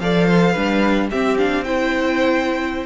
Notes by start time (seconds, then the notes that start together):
0.00 F3 A4 D5 F5
0.27 C5
0.53 G3 D4 B4
1.11 C4 G4 E5
1.38 D4 F5
1.64 E4 C5 G5